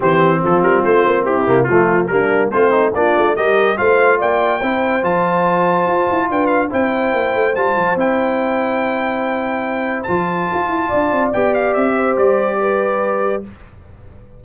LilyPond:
<<
  \new Staff \with { instrumentName = "trumpet" } { \time 4/4 \tempo 4 = 143 c''4 a'8 ais'8 c''4 g'4 | f'4 ais'4 c''4 d''4 | dis''4 f''4 g''2 | a''2. g''8 f''8 |
g''2 a''4 g''4~ | g''1 | a''2. g''8 f''8 | e''4 d''2. | }
  \new Staff \with { instrumentName = "horn" } { \time 4/4 g'4 f'2 e'4 | f'4 d'4 c'4 f'4 | ais'4 c''4 d''4 c''4~ | c''2. b'4 |
c''1~ | c''1~ | c''2 d''2~ | d''8 c''4. b'2 | }
  \new Staff \with { instrumentName = "trombone" } { \time 4/4 c'2.~ c'8 ais8 | a4 ais4 f'8 dis'8 d'4 | g'4 f'2 e'4 | f'1 |
e'2 f'4 e'4~ | e'1 | f'2. g'4~ | g'1 | }
  \new Staff \with { instrumentName = "tuba" } { \time 4/4 e4 f8 g8 a8 ais8 c'8 c8 | f4 g4 a4 ais8 a8 | g4 a4 ais4 c'4 | f2 f'8 e'8 d'4 |
c'4 ais8 a8 g8 f8 c'4~ | c'1 | f4 f'8 e'8 d'8 c'8 b4 | c'4 g2. | }
>>